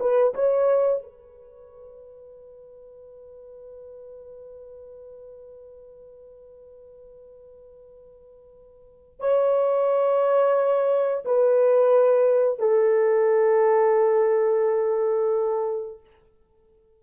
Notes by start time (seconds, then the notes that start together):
0.00 B4
0.34 C#5
1.03 B4
9.20 C#5
11.25 B4
12.59 A4